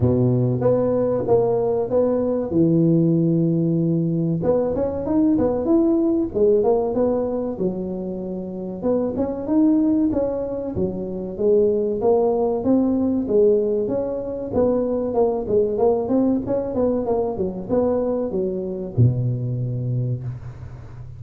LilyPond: \new Staff \with { instrumentName = "tuba" } { \time 4/4 \tempo 4 = 95 b,4 b4 ais4 b4 | e2. b8 cis'8 | dis'8 b8 e'4 gis8 ais8 b4 | fis2 b8 cis'8 dis'4 |
cis'4 fis4 gis4 ais4 | c'4 gis4 cis'4 b4 | ais8 gis8 ais8 c'8 cis'8 b8 ais8 fis8 | b4 fis4 b,2 | }